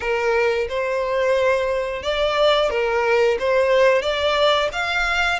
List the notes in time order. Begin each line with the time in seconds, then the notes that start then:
0.00 A#4
0.69 C5
2.02 D5
2.70 A#4
3.39 C5
4.01 D5
4.72 F5